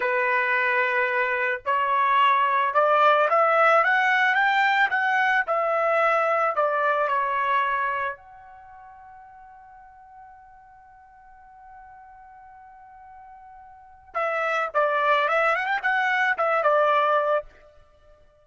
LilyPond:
\new Staff \with { instrumentName = "trumpet" } { \time 4/4 \tempo 4 = 110 b'2. cis''4~ | cis''4 d''4 e''4 fis''4 | g''4 fis''4 e''2 | d''4 cis''2 fis''4~ |
fis''1~ | fis''1~ | fis''2 e''4 d''4 | e''8 fis''16 g''16 fis''4 e''8 d''4. | }